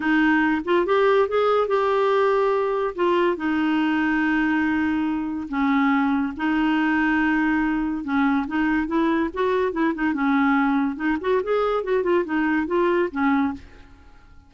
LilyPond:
\new Staff \with { instrumentName = "clarinet" } { \time 4/4 \tempo 4 = 142 dis'4. f'8 g'4 gis'4 | g'2. f'4 | dis'1~ | dis'4 cis'2 dis'4~ |
dis'2. cis'4 | dis'4 e'4 fis'4 e'8 dis'8 | cis'2 dis'8 fis'8 gis'4 | fis'8 f'8 dis'4 f'4 cis'4 | }